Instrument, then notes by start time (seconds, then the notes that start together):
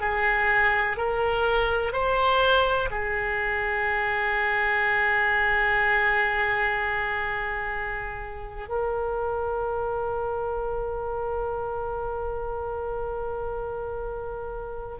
oboe
0.00 G#4
0.97 A#4
1.93 C5
2.90 G#4
8.69 A#4